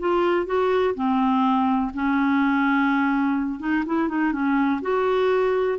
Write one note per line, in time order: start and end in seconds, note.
0.00 0.46 F4
0.46 0.95 F#4
0.95 1.92 C4
1.94 3.60 C#4
3.60 3.84 D#4
3.86 4.08 E4
4.08 4.32 D#4
4.32 4.81 C#4
4.82 5.78 F#4